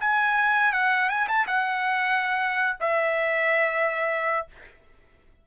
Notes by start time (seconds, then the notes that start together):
0.00 G#5
0.73 F#5
1.09 G#5
1.28 A5
1.47 F#5
2.80 E5